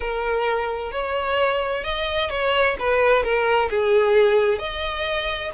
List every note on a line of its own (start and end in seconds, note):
0.00 0.91 A#4
0.91 1.83 C#5
1.83 2.30 D#5
2.30 2.76 C#5
2.79 3.23 B4
3.23 3.69 A#4
3.69 4.58 G#4
4.58 5.50 D#5